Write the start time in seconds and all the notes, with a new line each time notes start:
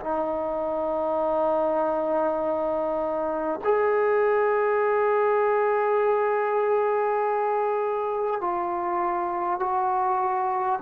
0.00 D#4
3.64 G#4
8.41 F4
9.60 F#4